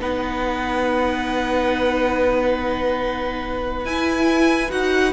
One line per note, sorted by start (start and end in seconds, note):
0.00 3.85 B3
0.00 3.86 D#4
0.00 5.13 B4
0.00 3.86 F#5
3.85 4.71 E4
3.85 4.70 E4
3.85 4.71 G#5
4.70 5.13 D#4
4.70 5.13 F#4
4.70 5.13 F#5